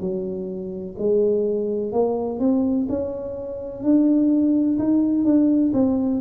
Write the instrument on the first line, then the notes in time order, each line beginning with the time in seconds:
tuba
0.00 F#3
0.98 G#3
1.92 A#3
2.39 C4
2.89 C#4
3.83 D4
4.78 D#4
5.25 D4
5.73 C4